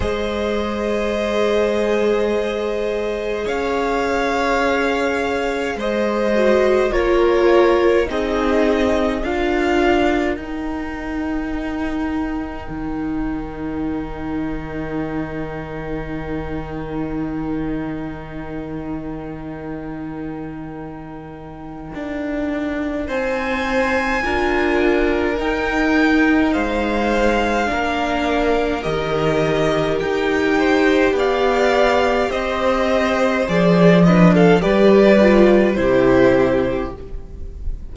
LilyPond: <<
  \new Staff \with { instrumentName = "violin" } { \time 4/4 \tempo 4 = 52 dis''2. f''4~ | f''4 dis''4 cis''4 dis''4 | f''4 g''2.~ | g''1~ |
g''1 | gis''2 g''4 f''4~ | f''4 dis''4 g''4 f''4 | dis''4 d''8 dis''16 f''16 d''4 c''4 | }
  \new Staff \with { instrumentName = "violin" } { \time 4/4 c''2. cis''4~ | cis''4 c''4 ais'4 gis'4 | ais'1~ | ais'1~ |
ais'1 | c''4 ais'2 c''4 | ais'2~ ais'8 c''8 d''4 | c''4. b'16 a'16 b'4 g'4 | }
  \new Staff \with { instrumentName = "viola" } { \time 4/4 gis'1~ | gis'4. fis'8 f'4 dis'4 | f'4 dis'2.~ | dis'1~ |
dis'1~ | dis'4 f'4 dis'2 | d'4 g'2.~ | g'4 gis'8 d'8 g'8 f'8 e'4 | }
  \new Staff \with { instrumentName = "cello" } { \time 4/4 gis2. cis'4~ | cis'4 gis4 ais4 c'4 | d'4 dis'2 dis4~ | dis1~ |
dis2. d'4 | c'4 d'4 dis'4 gis4 | ais4 dis4 dis'4 b4 | c'4 f4 g4 c4 | }
>>